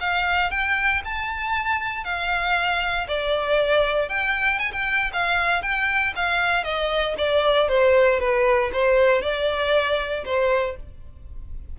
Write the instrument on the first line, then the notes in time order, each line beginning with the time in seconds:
violin
0.00 F5
0.50 G5
1.04 A5
2.04 F5
3.08 D5
4.09 G5
4.59 G#5
4.72 G5
5.13 F5
5.62 G5
6.15 F5
6.64 D#5
7.17 D5
7.68 C5
8.20 B4
8.73 C5
9.21 D5
10.25 C5